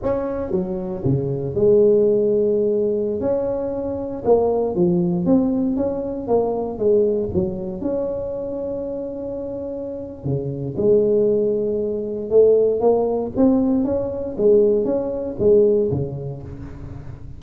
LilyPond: \new Staff \with { instrumentName = "tuba" } { \time 4/4 \tempo 4 = 117 cis'4 fis4 cis4 gis4~ | gis2~ gis16 cis'4.~ cis'16~ | cis'16 ais4 f4 c'4 cis'8.~ | cis'16 ais4 gis4 fis4 cis'8.~ |
cis'1 | cis4 gis2. | a4 ais4 c'4 cis'4 | gis4 cis'4 gis4 cis4 | }